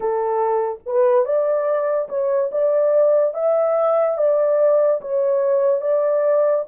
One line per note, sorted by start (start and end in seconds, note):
0.00 0.79 A4
0.86 1.25 B4
1.25 2.08 D5
2.08 2.50 C#5
2.51 3.34 D5
3.34 4.17 E5
4.17 5.00 D5
5.01 5.81 C#5
5.81 6.64 D5